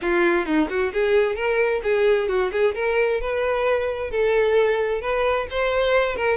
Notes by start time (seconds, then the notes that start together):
0.01 F4
0.45 D#4
0.69 F#4
0.93 G#4
1.35 A#4
1.83 G#4
2.28 F#4
2.52 G#4
2.74 A#4
3.20 B4
4.11 A4
5.01 B4
5.50 C5
6.16 A#4